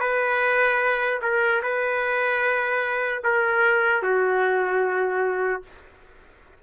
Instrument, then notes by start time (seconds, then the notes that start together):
trumpet
0.00 B4
1.21 A#4
1.63 B4
3.24 A#4
4.02 F#4